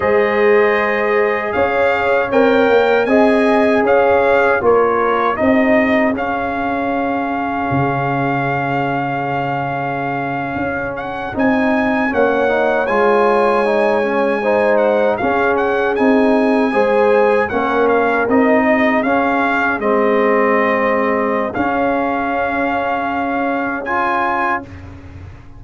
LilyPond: <<
  \new Staff \with { instrumentName = "trumpet" } { \time 4/4 \tempo 4 = 78 dis''2 f''4 g''4 | gis''4 f''4 cis''4 dis''4 | f''1~ | f''2~ f''16 fis''8 gis''4 fis''16~ |
fis''8. gis''2~ gis''8 fis''8 f''16~ | f''16 fis''8 gis''2 fis''8 f''8 dis''16~ | dis''8. f''4 dis''2~ dis''16 | f''2. gis''4 | }
  \new Staff \with { instrumentName = "horn" } { \time 4/4 c''2 cis''2 | dis''4 cis''4 ais'4 gis'4~ | gis'1~ | gis'2.~ gis'8. cis''16~ |
cis''2~ cis''8. c''4 gis'16~ | gis'4.~ gis'16 c''4 ais'4~ ais'16~ | ais'16 gis'2.~ gis'8.~ | gis'1 | }
  \new Staff \with { instrumentName = "trombone" } { \time 4/4 gis'2. ais'4 | gis'2 f'4 dis'4 | cis'1~ | cis'2~ cis'8. dis'4 cis'16~ |
cis'16 dis'8 f'4 dis'8 cis'8 dis'4 cis'16~ | cis'8. dis'4 gis'4 cis'4 dis'16~ | dis'8. cis'4 c'2~ c'16 | cis'2. f'4 | }
  \new Staff \with { instrumentName = "tuba" } { \time 4/4 gis2 cis'4 c'8 ais8 | c'4 cis'4 ais4 c'4 | cis'2 cis2~ | cis4.~ cis16 cis'4 c'4 ais16~ |
ais8. gis2. cis'16~ | cis'8. c'4 gis4 ais4 c'16~ | c'8. cis'4 gis2~ gis16 | cis'1 | }
>>